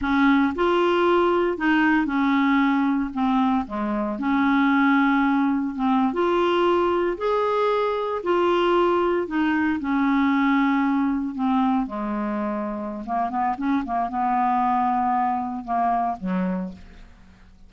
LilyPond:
\new Staff \with { instrumentName = "clarinet" } { \time 4/4 \tempo 4 = 115 cis'4 f'2 dis'4 | cis'2 c'4 gis4 | cis'2. c'8. f'16~ | f'4.~ f'16 gis'2 f'16~ |
f'4.~ f'16 dis'4 cis'4~ cis'16~ | cis'4.~ cis'16 c'4 gis4~ gis16~ | gis4 ais8 b8 cis'8 ais8 b4~ | b2 ais4 fis4 | }